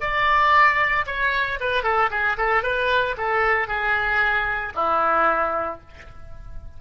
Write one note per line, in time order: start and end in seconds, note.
0.00 1.05 D5
1.06 1.58 C#5
1.60 1.83 B4
1.83 2.09 A4
2.10 2.36 G#4
2.37 2.63 A4
2.63 3.15 B4
3.17 3.67 A4
3.67 4.73 G#4
4.75 5.80 E4